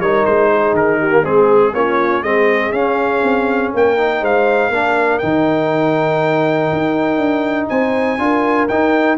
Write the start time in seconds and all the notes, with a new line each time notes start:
0.00 G3 D#4 A#4 C#5
0.25 G#3 C5
0.52 G#4
0.73 D#3 A#4
0.99 G4
1.10 A#3
1.23 G#3 C4 G#4
1.73 A#3 C#4 F4 C#5
2.22 G#3 C4 G#4 D#5
2.72 C#4 F5
3.23 C4
3.74 A#3 A#4 G5
3.97 D#4
4.21 G#3 C5 F5
4.69 A#3 D4 A#4
5.18 D#3 D#4 G5
6.72 D#4
7.17 D4
7.69 C4 C5 G#5
8.18 D4 F4 A#4
8.68 D#4 G5